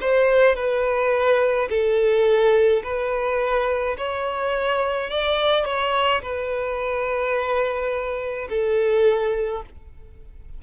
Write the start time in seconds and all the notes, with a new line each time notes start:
0.00 C5
0.55 B4
1.69 A4
2.83 B4
3.97 C#5
5.10 D5
5.64 C#5
6.22 B4
8.49 A4